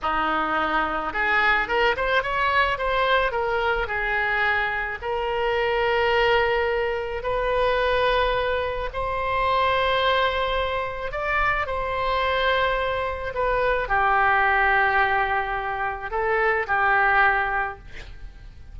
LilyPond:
\new Staff \with { instrumentName = "oboe" } { \time 4/4 \tempo 4 = 108 dis'2 gis'4 ais'8 c''8 | cis''4 c''4 ais'4 gis'4~ | gis'4 ais'2.~ | ais'4 b'2. |
c''1 | d''4 c''2. | b'4 g'2.~ | g'4 a'4 g'2 | }